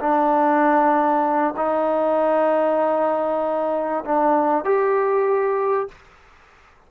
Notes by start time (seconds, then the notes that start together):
0.00 D4
1.57 D#4
4.05 D4
4.65 G4